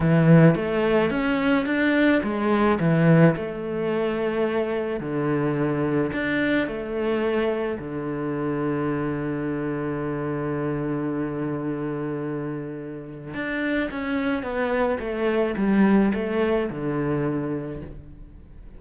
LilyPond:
\new Staff \with { instrumentName = "cello" } { \time 4/4 \tempo 4 = 108 e4 a4 cis'4 d'4 | gis4 e4 a2~ | a4 d2 d'4 | a2 d2~ |
d1~ | d1 | d'4 cis'4 b4 a4 | g4 a4 d2 | }